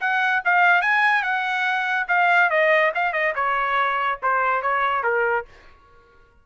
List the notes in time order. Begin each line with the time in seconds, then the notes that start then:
0.00 F#5
0.44 F5
0.81 G#5
1.22 F#5
2.08 F5
2.50 D#5
2.95 F5
3.12 D#5
3.35 C#5
4.22 C5
4.62 C#5
5.03 A#4